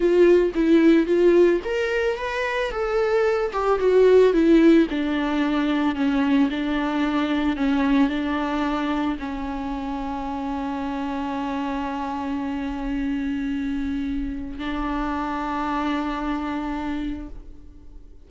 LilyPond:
\new Staff \with { instrumentName = "viola" } { \time 4/4 \tempo 4 = 111 f'4 e'4 f'4 ais'4 | b'4 a'4. g'8 fis'4 | e'4 d'2 cis'4 | d'2 cis'4 d'4~ |
d'4 cis'2.~ | cis'1~ | cis'2. d'4~ | d'1 | }